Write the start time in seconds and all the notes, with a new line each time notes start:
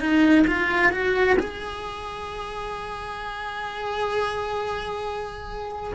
0.00 D#4
0.47 F4
0.91 F#4
1.39 G#4